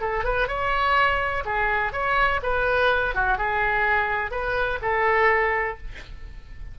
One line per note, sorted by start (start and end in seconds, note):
0.00 0.24 A4
0.24 0.47 B4
0.47 1.43 C#5
1.45 1.92 G#4
1.92 2.40 C#5
2.42 3.14 B4
3.14 3.38 F#4
3.38 4.31 G#4
4.31 4.79 B4
4.81 5.77 A4